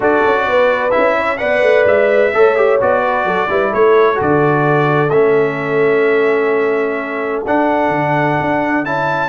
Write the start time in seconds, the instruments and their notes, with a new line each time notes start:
0.00 tuba D4, trombone F#4, horn A4, trumpet D5
0.25 tuba C#4
0.47 tuba B3, horn B4
0.91 trombone E4, trumpet E5
0.97 tuba C#4
1.19 horn C#5
1.37 tuba B3, trombone B4, horn D5, trumpet F#5
1.62 tuba A3
1.85 tuba G#3, trumpet E5
2.33 tuba A3, trombone A4, horn C#5
2.56 trombone G4
2.81 tuba B3, trombone F#4, trumpet D5
3.02 horn B4
3.24 tuba F#3, horn A4
3.48 tuba G3, trombone E4, horn B4
3.70 tuba A3, horn A4, trumpet C#5
4.15 tuba D3, trombone F#4
4.21 trumpet D5
5.09 tuba A3, trombone C#4, trumpet E5
7.45 tuba D4, trombone D4, trumpet F#5
7.88 tuba D3
8.40 tuba D4
8.85 tuba C#4, trombone E4, trumpet A5